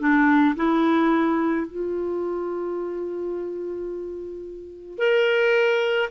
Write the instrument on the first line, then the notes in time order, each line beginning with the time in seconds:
clarinet
0.00 D4
0.56 E4
1.67 F4
4.99 A#4